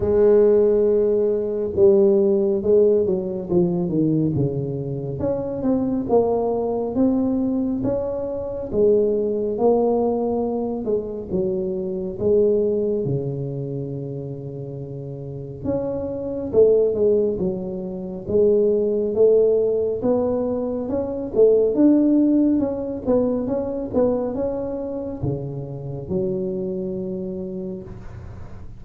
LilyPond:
\new Staff \with { instrumentName = "tuba" } { \time 4/4 \tempo 4 = 69 gis2 g4 gis8 fis8 | f8 dis8 cis4 cis'8 c'8 ais4 | c'4 cis'4 gis4 ais4~ | ais8 gis8 fis4 gis4 cis4~ |
cis2 cis'4 a8 gis8 | fis4 gis4 a4 b4 | cis'8 a8 d'4 cis'8 b8 cis'8 b8 | cis'4 cis4 fis2 | }